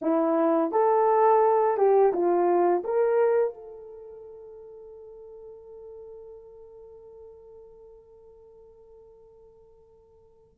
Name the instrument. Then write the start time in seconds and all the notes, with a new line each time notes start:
horn
0.01 E4
0.71 A4
1.77 G4
2.12 F4
2.84 A#4
3.54 A4